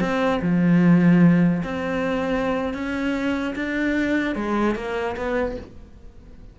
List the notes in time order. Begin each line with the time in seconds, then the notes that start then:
0.00 C4
0.42 F3
1.63 C4
2.73 C#4
3.55 D4
4.35 G#3
4.75 A#3
5.16 B3